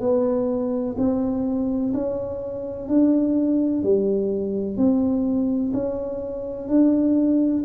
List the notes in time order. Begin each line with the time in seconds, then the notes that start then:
0.00 B3
0.97 C4
1.94 C#4
2.88 D4
3.83 G3
4.77 C4
5.73 C#4
6.68 D4